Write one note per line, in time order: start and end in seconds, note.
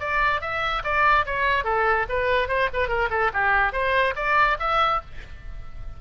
0.00 0.41 D5
0.41 0.83 E5
0.84 1.26 D5
1.26 1.65 C#5
1.65 2.06 A4
2.09 2.48 B4
2.48 2.69 C5
2.73 2.88 B4
2.88 3.09 A#4
3.10 3.31 A4
3.33 3.73 G4
3.73 4.14 C5
4.16 4.58 D5
4.59 5.01 E5